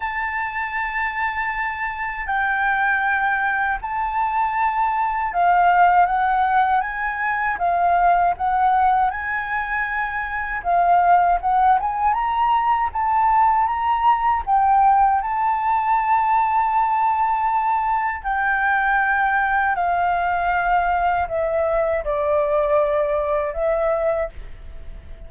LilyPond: \new Staff \with { instrumentName = "flute" } { \time 4/4 \tempo 4 = 79 a''2. g''4~ | g''4 a''2 f''4 | fis''4 gis''4 f''4 fis''4 | gis''2 f''4 fis''8 gis''8 |
ais''4 a''4 ais''4 g''4 | a''1 | g''2 f''2 | e''4 d''2 e''4 | }